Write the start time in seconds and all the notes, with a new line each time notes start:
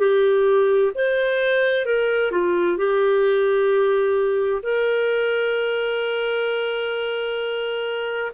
0.00 G4
0.94 C5
1.85 A#4
2.31 F4
2.77 G4
4.62 A#4